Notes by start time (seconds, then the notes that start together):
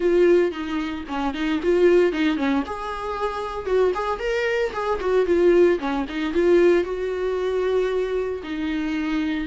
0.00 F4
0.51 D#4
1.08 C#4
1.34 D#4
1.62 F4
2.12 D#4
2.36 C#4
2.66 G#4
3.66 F#4
3.94 G#4
4.19 A#4
4.72 G#4
5.00 F#4
5.26 F4
5.79 C#4
6.08 D#4
6.33 F4
6.84 F#4
8.43 D#4